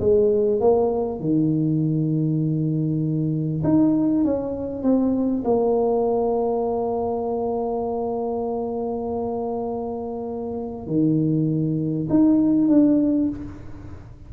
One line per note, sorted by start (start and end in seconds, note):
0.00 0.60 G#3
0.60 1.20 A#3
1.20 3.62 D#3
3.64 4.24 D#4
4.24 4.83 C#4
4.83 5.43 C4
5.44 10.87 A#3
10.87 12.08 D#3
12.10 12.68 D#4
12.68 13.29 D4